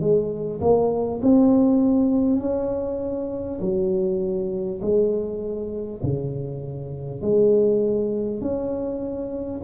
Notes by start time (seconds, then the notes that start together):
0.00 G#3
0.61 A#3
1.22 C4
2.39 C#4
3.60 F#3
4.81 G#3
6.03 C#3
7.21 G#3
8.41 C#4